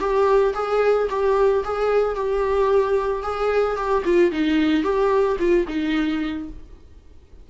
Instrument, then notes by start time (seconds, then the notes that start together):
viola
0.00 G4
0.54 G#4
1.10 G4
1.65 G#4
2.15 G4
3.23 G#4
3.77 G4
4.05 F4
4.32 D#4
4.83 G4
5.39 F4
5.68 D#4